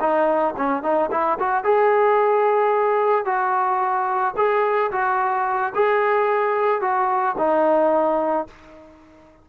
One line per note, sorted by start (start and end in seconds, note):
0.00 0.55 D#4
0.57 0.83 C#4
0.83 1.10 D#4
1.11 1.38 E4
1.39 1.64 F#4
1.64 3.25 G#4
3.25 4.34 F#4
4.37 4.91 G#4
4.92 5.73 F#4
5.75 6.81 G#4
6.81 7.36 F#4
7.38 8.47 D#4